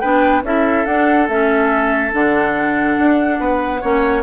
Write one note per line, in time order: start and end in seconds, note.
0.00 0.42 B3
0.00 0.44 D4
0.00 0.42 B4
0.00 0.42 G5
0.42 0.85 C#4
0.42 0.86 E4
0.42 3.39 A4
0.42 0.85 E5
0.85 1.28 D4
0.85 1.29 D4
0.85 1.27 F#5
1.28 2.12 A3
1.28 2.12 C#4
1.28 2.12 E5
2.12 2.97 D3
2.12 3.81 D4
2.12 4.23 F#5
2.98 3.39 D4
3.39 3.81 B3
3.39 3.81 B4
3.81 4.23 A#3
3.81 4.23 C#4
3.81 4.23 C#5